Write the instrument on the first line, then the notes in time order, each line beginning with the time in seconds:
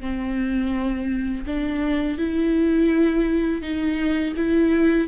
viola
0.00 C4
1.46 D4
2.18 E4
3.62 D#4
4.36 E4